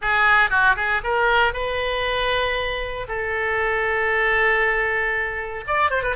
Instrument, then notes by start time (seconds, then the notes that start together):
oboe
0.01 G#4
0.50 F#4
0.76 G#4
1.03 A#4
1.53 B4
3.08 A4
5.67 D5
5.90 C5
6.02 B4